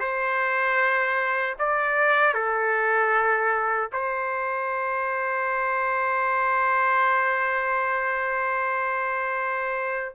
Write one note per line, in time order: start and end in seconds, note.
0.00 1.56 C5
1.59 2.34 D5
2.34 3.90 A4
3.92 10.15 C5